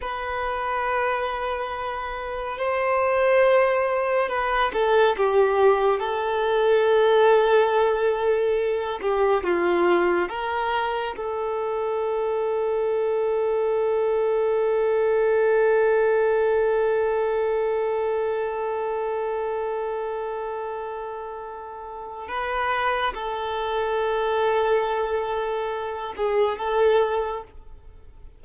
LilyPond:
\new Staff \with { instrumentName = "violin" } { \time 4/4 \tempo 4 = 70 b'2. c''4~ | c''4 b'8 a'8 g'4 a'4~ | a'2~ a'8 g'8 f'4 | ais'4 a'2.~ |
a'1~ | a'1~ | a'2 b'4 a'4~ | a'2~ a'8 gis'8 a'4 | }